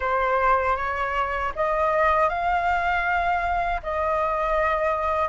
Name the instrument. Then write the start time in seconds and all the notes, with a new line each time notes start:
flute
0.00 C5
0.76 C#5
1.55 D#5
2.29 F5
3.83 D#5